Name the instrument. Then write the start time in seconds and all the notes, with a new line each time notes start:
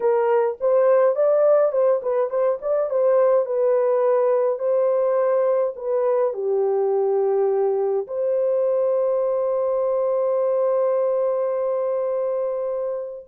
horn
0.00 A#4
0.60 C5
1.15 D5
1.72 C5
2.02 B4
2.29 C5
2.61 D5
2.90 C5
3.45 B4
4.58 C5
5.76 B4
6.33 G4
8.07 C5